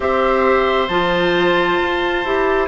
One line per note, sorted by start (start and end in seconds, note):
0.00 0.88 C4
0.00 0.88 G4
0.00 2.68 C5
0.00 0.88 E5
0.88 1.78 F3
0.88 2.24 F4
0.88 2.67 A5
1.81 2.24 F4
2.24 2.68 E4
2.24 2.68 G4